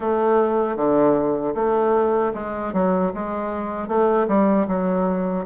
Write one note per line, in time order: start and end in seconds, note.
0.00 0.76 A3
0.76 1.54 D3
1.54 2.32 A3
2.34 2.73 G#3
2.73 3.12 F#3
3.14 3.87 G#3
3.87 4.26 A3
4.28 4.66 G3
4.68 5.45 F#3